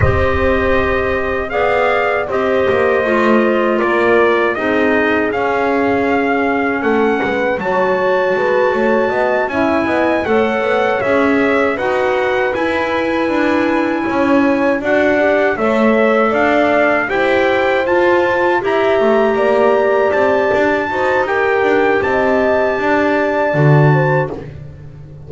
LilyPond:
<<
  \new Staff \with { instrumentName = "trumpet" } { \time 4/4 \tempo 4 = 79 dis''2 f''4 dis''4~ | dis''4 d''4 dis''4 f''4~ | f''4 fis''4 a''2~ | a''8 gis''4 fis''4 e''4 fis''8~ |
fis''8 gis''2. fis''8~ | fis''8 e''4 f''4 g''4 a''8~ | a''8 ais''2 a''4. | g''4 a''2. | }
  \new Staff \with { instrumentName = "horn" } { \time 4/4 c''2 d''4 c''4~ | c''4 ais'4 gis'2~ | gis'4 a'8 b'8 cis''4 b'8 cis''8 | dis''8 e''8 dis''8 cis''2 b'8~ |
b'2~ b'8 cis''4 d''8~ | d''8 cis''4 d''4 c''4.~ | c''8 e''4 d''2 c''8 | ais'4 dis''4 d''4. c''8 | }
  \new Staff \with { instrumentName = "clarinet" } { \time 4/4 g'2 gis'4 g'4 | f'2 dis'4 cis'4~ | cis'2 fis'2~ | fis'8 e'4 a'4 gis'4 fis'8~ |
fis'8 e'2. fis'8 | g'8 a'2 g'4 f'8~ | f'8 g'2. fis'8 | g'2. fis'4 | }
  \new Staff \with { instrumentName = "double bass" } { \time 4/4 c'2 b4 c'8 ais8 | a4 ais4 c'4 cis'4~ | cis'4 a8 gis8 fis4 gis8 a8 | b8 cis'8 b8 a8 b8 cis'4 dis'8~ |
dis'8 e'4 d'4 cis'4 d'8~ | d'8 a4 d'4 e'4 f'8~ | f'8 e'8 a8 ais4 c'8 d'8 dis'8~ | dis'8 d'8 c'4 d'4 d4 | }
>>